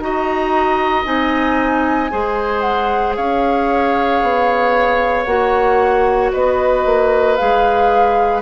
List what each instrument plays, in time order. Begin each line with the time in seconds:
0.00 bassoon D#4, clarinet F#4, oboe D#5, flute A#5
1.05 bassoon C4, clarinet D#4, flute G#5
2.11 bassoon G#3, clarinet G#4, oboe C5
2.61 flute F#5
3.16 bassoon C#4, oboe C#5, flute F5
4.23 bassoon B3
5.25 bassoon A#3, clarinet F#4, flute F#5
6.33 bassoon B3, oboe B4, flute D#5
6.86 bassoon A#3
7.36 bassoon G#3, clarinet G#4, flute F5